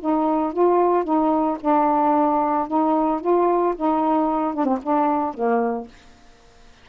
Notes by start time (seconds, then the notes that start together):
0.00 D#4
0.53 F4
1.04 D#4
1.60 D4
2.67 D#4
3.21 F4
3.76 D#4
4.54 D4
4.65 C4
4.82 D4
5.34 A#3